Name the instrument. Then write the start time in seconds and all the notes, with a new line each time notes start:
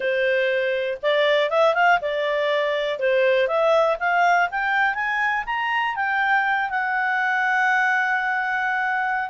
clarinet
0.00 C5
1.02 D5
1.50 E5
1.74 F5
2.01 D5
2.99 C5
3.47 E5
3.99 F5
4.50 G5
4.94 G#5
5.45 A#5
5.95 G5
6.70 F#5